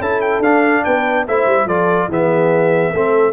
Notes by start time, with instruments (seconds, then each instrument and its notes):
0.00 tuba C#4, trombone E4, horn A4, trumpet A5
0.21 trumpet G5
0.39 tuba D4, trombone D4, trumpet F5
0.84 tuba B3, horn B4, trumpet G5
1.27 tuba A3, trombone E4, horn C5, trumpet E5
1.46 tuba G3
1.65 tuba F3, trombone F4, horn A4, trumpet D5
2.08 tuba E3, trombone B3, horn G#4, trumpet E5
2.93 tuba A3, trombone C4, horn A4